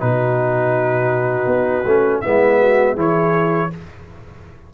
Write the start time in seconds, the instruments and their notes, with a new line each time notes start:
0.00 tuba B2, trombone D#4, horn F#4, trumpet B4
1.46 tuba B3
1.85 tuba A3, trombone C#4
2.21 tuba G#3, trombone B3, horn E4, trumpet E5
2.60 horn F#4
2.95 tuba E3, trombone E4, horn G#4, trumpet C#5